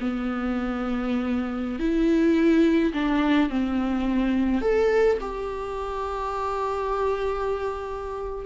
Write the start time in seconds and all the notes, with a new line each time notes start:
0.00 B3
1.79 E4
2.93 D4
3.49 C4
4.61 A4
5.20 G4